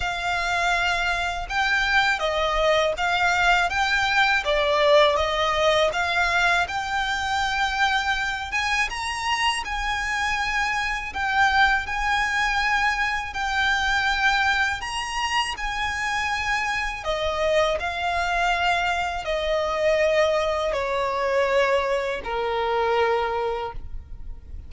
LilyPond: \new Staff \with { instrumentName = "violin" } { \time 4/4 \tempo 4 = 81 f''2 g''4 dis''4 | f''4 g''4 d''4 dis''4 | f''4 g''2~ g''8 gis''8 | ais''4 gis''2 g''4 |
gis''2 g''2 | ais''4 gis''2 dis''4 | f''2 dis''2 | cis''2 ais'2 | }